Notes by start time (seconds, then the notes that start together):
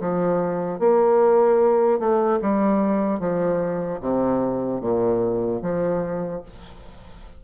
0.00 F3
0.79 A#3
1.99 A3
2.41 G3
3.20 F3
4.01 C3
4.81 A#2
5.62 F3